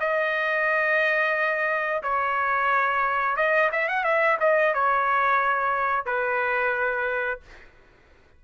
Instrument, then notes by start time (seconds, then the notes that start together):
trumpet
0.00 D#5
2.03 C#5
3.36 D#5
3.72 E5
3.88 F#5
4.04 E5
4.40 D#5
4.74 C#5
6.06 B4